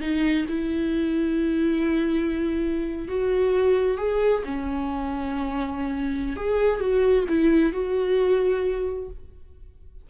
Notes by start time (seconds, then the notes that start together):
0.00 D#4
0.48 E4
3.08 F#4
3.97 G#4
4.44 C#4
6.36 G#4
6.80 F#4
7.28 E4
7.72 F#4